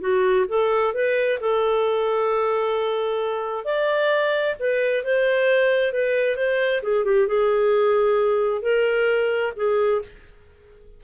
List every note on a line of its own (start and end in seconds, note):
0.00 0.45 F#4
0.48 0.94 A4
0.94 1.39 B4
1.40 3.64 A4
3.64 4.55 D5
4.59 5.04 B4
5.04 5.92 C5
5.92 6.36 B4
6.36 6.81 C5
6.82 7.05 G#4
7.05 7.27 G4
7.27 8.62 G#4
8.62 9.53 A#4
9.56 10.02 G#4